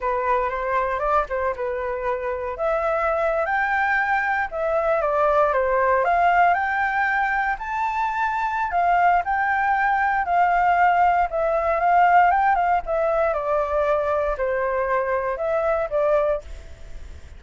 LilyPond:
\new Staff \with { instrumentName = "flute" } { \time 4/4 \tempo 4 = 117 b'4 c''4 d''8 c''8 b'4~ | b'4 e''4.~ e''16 g''4~ g''16~ | g''8. e''4 d''4 c''4 f''16~ | f''8. g''2 a''4~ a''16~ |
a''4 f''4 g''2 | f''2 e''4 f''4 | g''8 f''8 e''4 d''2 | c''2 e''4 d''4 | }